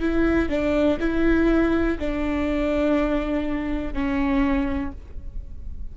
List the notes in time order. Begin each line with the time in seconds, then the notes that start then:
0.00 E4
0.49 D4
1.00 E4
1.99 D4
3.93 C#4